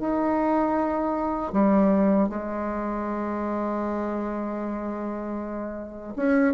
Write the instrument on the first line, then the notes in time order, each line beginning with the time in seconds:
bassoon
0.00 D#4
1.52 G3
2.29 G#3
6.16 C#4